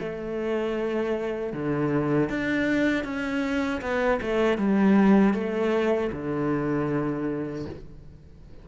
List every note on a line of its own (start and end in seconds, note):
0.00 1.53 A3
1.53 2.30 D3
2.30 3.05 D4
3.05 3.81 C#4
3.82 4.20 B3
4.22 4.58 A3
4.58 5.34 G3
5.34 6.11 A3
6.12 7.66 D3